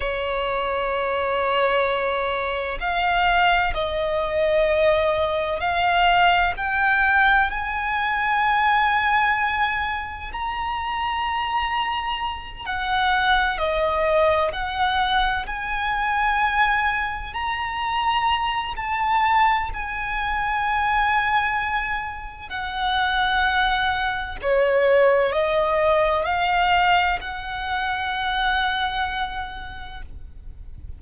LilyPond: \new Staff \with { instrumentName = "violin" } { \time 4/4 \tempo 4 = 64 cis''2. f''4 | dis''2 f''4 g''4 | gis''2. ais''4~ | ais''4. fis''4 dis''4 fis''8~ |
fis''8 gis''2 ais''4. | a''4 gis''2. | fis''2 cis''4 dis''4 | f''4 fis''2. | }